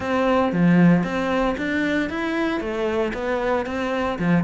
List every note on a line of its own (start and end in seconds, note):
0.00 0.52 C4
0.52 1.03 F3
1.03 1.55 C4
1.57 2.09 D4
2.09 2.60 E4
2.60 3.12 A3
3.13 3.65 B3
3.66 4.18 C4
4.19 4.43 F3